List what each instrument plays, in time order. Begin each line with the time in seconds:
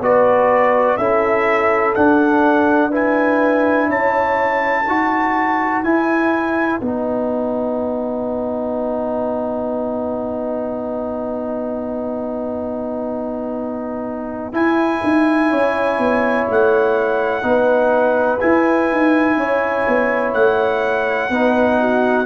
0.00 tuba B3, trombone F#4, horn B4, trumpet D5
0.97 tuba C#4, trombone E4, horn A4, trumpet E5
1.95 trombone D4, tuba D4, trumpet F#5
2.91 trombone E4, horn B4, trumpet G#5
3.89 tuba C#4, horn C#5, trumpet A5
4.85 tuba D#4, trombone F#4, horn B4
5.83 tuba E4, trombone E4, trumpet G#5
6.80 tuba B3, trombone D#4, trumpet F#5
14.53 tuba E4, trombone E4, trumpet G#5
15.03 tuba D#4
15.50 tuba C#4, horn C#5
15.98 tuba B3
16.50 tuba A3, trumpet F#5
17.42 tuba B3, trombone D#4, horn B4
18.40 trombone E4, tuba E4, trumpet G#5
18.92 tuba D#4
19.36 tuba C#4, horn C#5
19.88 tuba B3
20.33 tuba A3, trumpet F#5
21.29 tuba B3, trombone D#4, horn B4
21.80 horn F#4